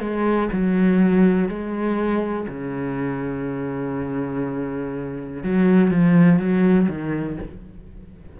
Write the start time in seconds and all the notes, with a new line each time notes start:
0.00 G#3
0.52 F#3
1.48 G#3
2.48 C#3
5.43 F#3
5.91 F3
6.38 F#3
6.89 D#3